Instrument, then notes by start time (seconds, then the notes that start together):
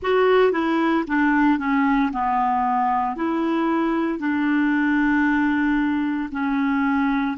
clarinet
0.02 F#4
0.52 E4
1.07 D4
1.58 C#4
2.12 B3
3.16 E4
4.19 D4
6.32 C#4